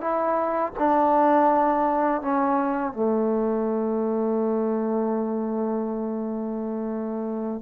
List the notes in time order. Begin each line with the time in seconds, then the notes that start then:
0.00 E4
0.79 D4
2.21 C#4
2.93 A3